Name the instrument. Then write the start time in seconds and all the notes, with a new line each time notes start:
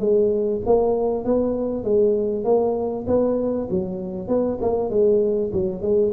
tuba
0.00 G#3
0.66 A#3
1.25 B3
1.84 G#3
2.45 A#3
3.07 B3
3.70 F#3
4.28 B3
4.62 A#3
4.90 G#3
5.53 F#3
5.82 G#3